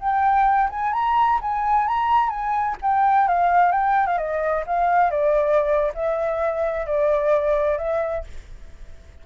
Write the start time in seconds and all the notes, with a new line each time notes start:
0.00 G5
0.70 G#5
0.93 A#5
1.42 G#5
1.88 A#5
2.30 G#5
2.82 G5
3.28 F5
3.72 G5
4.07 F5
4.18 D#5
4.67 F5
5.11 D5
5.95 E5
6.86 D5
7.78 E5